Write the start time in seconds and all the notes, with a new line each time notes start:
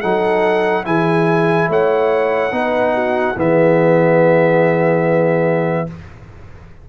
0.00 F#3 D#4 A4 F#5
0.84 E3 E4 G#4 G#5
1.68 A3 C#5 F#5
2.52 B3 D#4 B4
2.94 F#4
3.36 E3 B3 G#4 E5